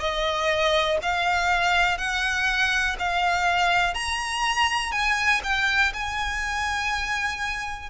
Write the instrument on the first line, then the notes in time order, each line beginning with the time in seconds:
violin
0.00 D#5
1.02 F5
1.98 F#5
2.99 F5
3.94 A#5
4.92 G#5
5.44 G5
5.94 G#5